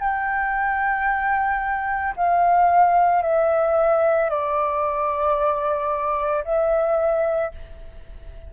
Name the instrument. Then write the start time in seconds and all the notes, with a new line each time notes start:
flute
0.00 G5
2.17 F5
3.23 E5
4.30 D5
6.45 E5